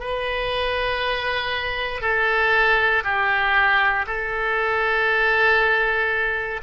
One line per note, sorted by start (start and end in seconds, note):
0.00 2.01 B4
2.01 3.03 A4
3.04 4.05 G4
4.06 6.61 A4